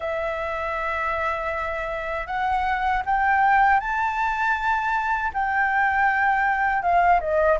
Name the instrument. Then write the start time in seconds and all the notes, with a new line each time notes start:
flute
0.00 E5
2.26 F#5
3.06 G5
3.79 A5
5.33 G5
6.82 F5
7.20 D#5